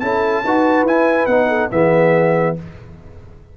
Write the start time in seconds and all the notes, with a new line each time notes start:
0.00 C#4 E4 A4 A5
0.45 D#4 F#4 B4
0.84 E4 G#5
1.27 B3 D#4 F#5
1.49 A4
1.71 E3 B3 G#4 E5